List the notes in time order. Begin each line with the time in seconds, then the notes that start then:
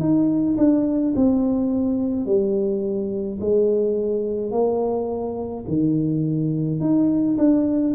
0.00 D#4
0.58 D4
1.16 C4
2.26 G3
3.41 G#3
4.52 A#3
5.68 D#3
6.81 D#4
7.38 D4